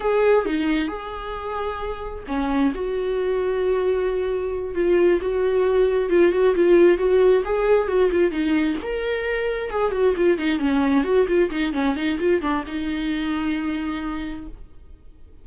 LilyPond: \new Staff \with { instrumentName = "viola" } { \time 4/4 \tempo 4 = 133 gis'4 dis'4 gis'2~ | gis'4 cis'4 fis'2~ | fis'2~ fis'8 f'4 fis'8~ | fis'4. f'8 fis'8 f'4 fis'8~ |
fis'8 gis'4 fis'8 f'8 dis'4 ais'8~ | ais'4. gis'8 fis'8 f'8 dis'8 cis'8~ | cis'8 fis'8 f'8 dis'8 cis'8 dis'8 f'8 d'8 | dis'1 | }